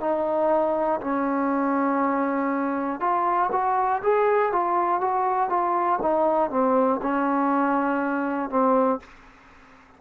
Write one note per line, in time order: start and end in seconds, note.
0.00 1.00 D#4
1.01 3.00 C#4
3.00 3.50 F4
3.51 4.01 F#4
4.02 4.52 G#4
4.52 5.01 F4
5.01 5.49 F#4
5.49 5.99 F4
6.02 6.50 D#4
6.50 7.00 C4
7.02 8.50 C#4
8.50 9.00 C4